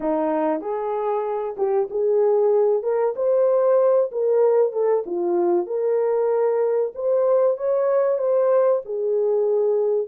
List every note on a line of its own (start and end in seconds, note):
0.00 0.61 D#4
0.61 1.55 G#4
1.57 1.88 G4
1.90 2.82 G#4
2.82 3.14 A#4
3.16 4.10 C5
4.11 4.72 A#4
4.72 5.04 A4
5.06 5.66 F4
5.66 6.92 A#4
6.94 7.57 C5
7.57 8.18 C#5
8.18 8.81 C5
8.85 10.07 G#4